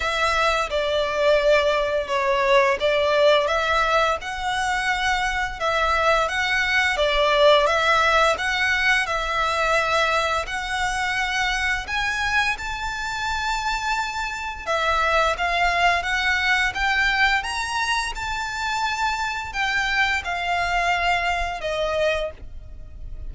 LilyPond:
\new Staff \with { instrumentName = "violin" } { \time 4/4 \tempo 4 = 86 e''4 d''2 cis''4 | d''4 e''4 fis''2 | e''4 fis''4 d''4 e''4 | fis''4 e''2 fis''4~ |
fis''4 gis''4 a''2~ | a''4 e''4 f''4 fis''4 | g''4 ais''4 a''2 | g''4 f''2 dis''4 | }